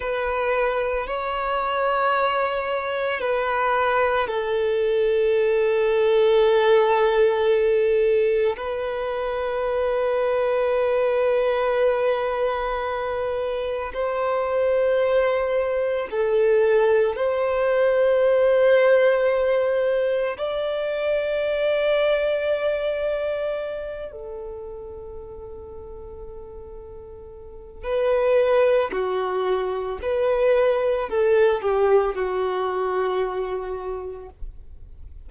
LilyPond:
\new Staff \with { instrumentName = "violin" } { \time 4/4 \tempo 4 = 56 b'4 cis''2 b'4 | a'1 | b'1~ | b'4 c''2 a'4 |
c''2. d''4~ | d''2~ d''8 a'4.~ | a'2 b'4 fis'4 | b'4 a'8 g'8 fis'2 | }